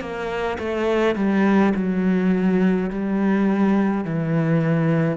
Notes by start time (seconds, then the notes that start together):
0.00 A#3
0.58 A3
1.15 G3
1.75 F#3
2.90 G3
4.04 E3